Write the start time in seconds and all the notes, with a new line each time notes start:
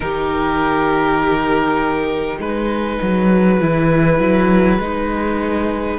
0.00 D#3 D#4 G4 A#4
2.39 G#3 G#4 B4
3.02 F#3
3.60 E3 E4
4.19 F#3
4.79 G#3 D#4